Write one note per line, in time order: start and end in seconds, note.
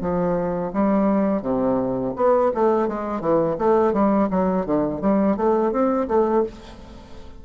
0.00 0.71 F3
0.73 1.42 G3
1.42 2.13 C3
2.16 2.51 B3
2.54 2.88 A3
2.88 3.20 G#3
3.20 3.56 E3
3.58 3.93 A3
3.93 4.28 G3
4.30 4.66 F#3
4.66 5.01 D3
5.01 5.36 G3
5.36 5.71 A3
5.71 6.07 C4
6.07 6.43 A3